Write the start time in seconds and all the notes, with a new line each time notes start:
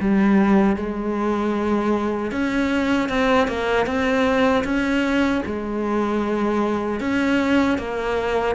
0.00 G3
0.76 G#3
2.31 C#4
3.09 C4
3.47 A#3
3.86 C4
4.64 C#4
5.46 G#3
7.00 C#4
7.78 A#3